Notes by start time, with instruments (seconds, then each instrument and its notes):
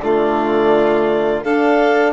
0.00 bassoon D3, trombone A3, violin F4, clarinet D5
1.44 bassoon D4, trombone D4, violin A4, clarinet F5